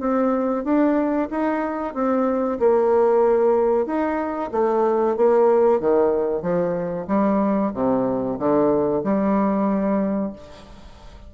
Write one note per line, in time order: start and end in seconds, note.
0.00 0.65 C4
0.65 1.29 D4
1.31 1.95 D#4
1.95 2.59 C4
2.60 3.87 A#3
3.87 4.51 D#4
4.52 5.17 A3
5.17 5.81 A#3
5.81 6.43 D#3
6.43 7.07 F3
7.08 7.72 G3
7.74 8.39 C3
8.39 9.04 D3
9.04 10.33 G3